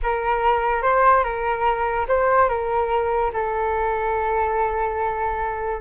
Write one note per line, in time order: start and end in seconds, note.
0.02 0.82 A#4
0.82 1.23 C5
1.23 2.06 A#4
2.08 2.48 C5
2.48 3.31 A#4
3.33 5.80 A4